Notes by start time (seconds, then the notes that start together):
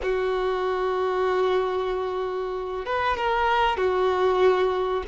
0.02 F#4
2.85 B4
3.17 A#4
3.77 F#4